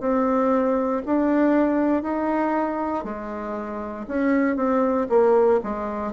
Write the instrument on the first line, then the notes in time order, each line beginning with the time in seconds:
bassoon
0.00 C4
1.05 D4
2.02 D#4
3.04 G#3
4.08 C#4
4.56 C4
5.09 A#3
5.63 G#3